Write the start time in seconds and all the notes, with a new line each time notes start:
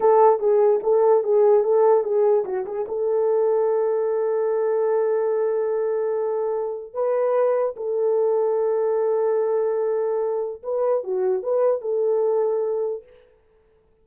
0.00 A4
0.39 G#4
0.83 A4
1.23 G#4
1.63 A4
2.03 G#4
2.45 F#4
2.65 G#4
2.88 A4
6.93 B4
7.76 A4
10.63 B4
11.03 F#4
11.42 B4
11.81 A4